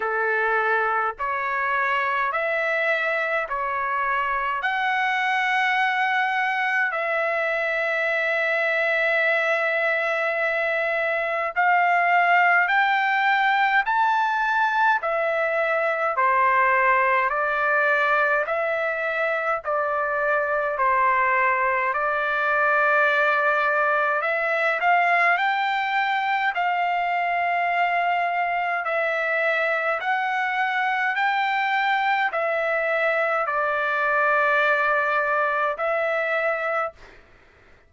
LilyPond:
\new Staff \with { instrumentName = "trumpet" } { \time 4/4 \tempo 4 = 52 a'4 cis''4 e''4 cis''4 | fis''2 e''2~ | e''2 f''4 g''4 | a''4 e''4 c''4 d''4 |
e''4 d''4 c''4 d''4~ | d''4 e''8 f''8 g''4 f''4~ | f''4 e''4 fis''4 g''4 | e''4 d''2 e''4 | }